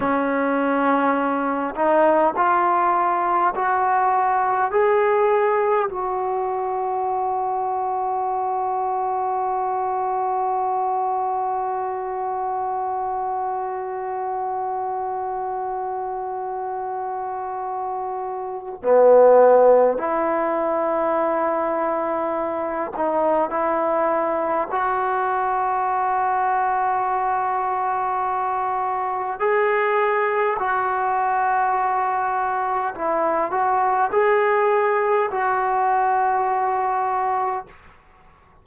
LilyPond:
\new Staff \with { instrumentName = "trombone" } { \time 4/4 \tempo 4 = 51 cis'4. dis'8 f'4 fis'4 | gis'4 fis'2.~ | fis'1~ | fis'1 |
b4 e'2~ e'8 dis'8 | e'4 fis'2.~ | fis'4 gis'4 fis'2 | e'8 fis'8 gis'4 fis'2 | }